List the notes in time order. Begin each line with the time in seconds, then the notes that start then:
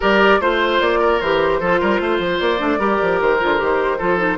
0.00 G3 G4 A#4 D5
0.40 A3 F4 C5
0.80 A#3 D5
0.99 A#4
1.20 E3 G4 C5
1.60 F3 F4 A4
1.80 G3 A#4
2.00 A3 C5
2.19 F3
2.39 A#3 D5
2.58 A3 D4
2.78 G3 G4 A#4
3.02 F3
3.20 D#3 C5
3.39 D3 F4
3.57 D#3 G4
3.98 F3 F4 A4
4.17 D#4